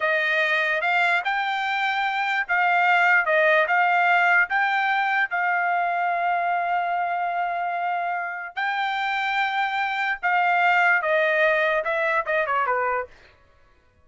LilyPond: \new Staff \with { instrumentName = "trumpet" } { \time 4/4 \tempo 4 = 147 dis''2 f''4 g''4~ | g''2 f''2 | dis''4 f''2 g''4~ | g''4 f''2.~ |
f''1~ | f''4 g''2.~ | g''4 f''2 dis''4~ | dis''4 e''4 dis''8 cis''8 b'4 | }